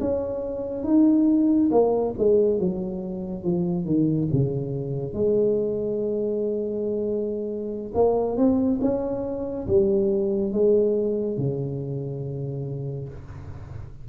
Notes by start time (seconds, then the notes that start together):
0.00 C#4
0.84 D#4
1.71 A#3
2.18 G#3
2.59 F#3
3.44 F3
3.85 D#3
4.32 C#3
5.13 G#3
7.94 A#3
8.36 C4
8.81 C#4
9.67 G3
10.52 G#3
11.37 C#3